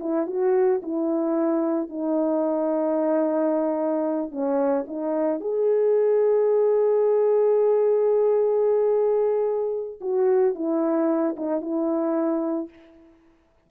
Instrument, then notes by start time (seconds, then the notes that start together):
horn
0.00 E4
0.27 F#4
0.83 E4
1.89 D#4
4.31 C#4
4.87 D#4
5.41 G#4
10.01 F#4
10.55 E4
11.36 D#4
11.61 E4